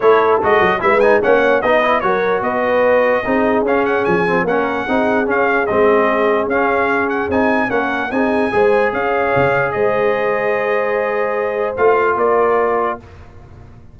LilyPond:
<<
  \new Staff \with { instrumentName = "trumpet" } { \time 4/4 \tempo 4 = 148 cis''4 dis''4 e''8 gis''8 fis''4 | dis''4 cis''4 dis''2~ | dis''4 f''8 fis''8 gis''4 fis''4~ | fis''4 f''4 dis''2 |
f''4. fis''8 gis''4 fis''4 | gis''2 f''2 | dis''1~ | dis''4 f''4 d''2 | }
  \new Staff \with { instrumentName = "horn" } { \time 4/4 a'2 b'4 cis''4 | b'4 ais'4 b'2 | gis'2. ais'4 | gis'1~ |
gis'2. ais'4 | gis'4 c''4 cis''2 | c''1~ | c''2 ais'2 | }
  \new Staff \with { instrumentName = "trombone" } { \time 4/4 e'4 fis'4 e'8 dis'8 cis'4 | dis'8 e'8 fis'2. | dis'4 cis'4. c'8 cis'4 | dis'4 cis'4 c'2 |
cis'2 dis'4 cis'4 | dis'4 gis'2.~ | gis'1~ | gis'4 f'2. | }
  \new Staff \with { instrumentName = "tuba" } { \time 4/4 a4 gis8 fis8 gis4 ais4 | b4 fis4 b2 | c'4 cis'4 f4 ais4 | c'4 cis'4 gis2 |
cis'2 c'4 ais4 | c'4 gis4 cis'4 cis4 | gis1~ | gis4 a4 ais2 | }
>>